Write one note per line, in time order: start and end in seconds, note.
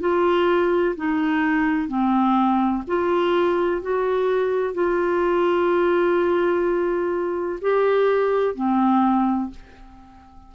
0.00 0.95 F4
0.96 1.88 D#4
1.88 2.83 C4
2.87 3.82 F4
3.82 4.74 F#4
4.74 7.60 F4
7.61 8.55 G4
8.55 9.50 C4